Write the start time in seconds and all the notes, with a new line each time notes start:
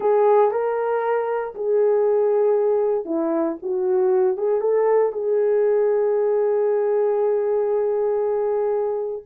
0.00 G#4
0.51 A#4
1.54 G#4
3.05 E4
3.62 F#4
4.37 G#4
4.61 A4
5.12 G#4